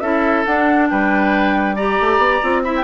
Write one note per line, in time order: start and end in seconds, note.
0.00 0.44 C#4
0.00 0.45 E4
0.00 0.88 A4
0.00 0.43 E5
0.45 1.77 D4
0.45 0.90 D4
0.45 0.88 F#5
0.89 2.00 G3
0.89 1.75 B4
0.89 1.75 G5
1.75 2.42 G4
1.75 2.62 D5
1.75 2.62 A#5
2.00 2.17 A3
2.17 2.39 B3
2.42 2.84 C4
2.42 2.64 F4
2.63 2.84 E4
2.63 2.84 E5
2.63 2.74 B5
2.76 2.84 G5